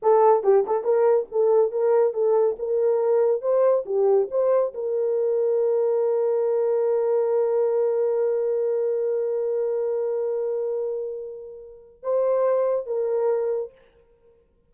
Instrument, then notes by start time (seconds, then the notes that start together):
horn
0.02 A4
0.43 G4
0.66 A4
0.84 A#4
1.31 A4
1.71 A#4
2.13 A4
2.59 A#4
3.41 C5
3.85 G4
4.30 C5
4.74 A#4
12.03 C5
12.86 A#4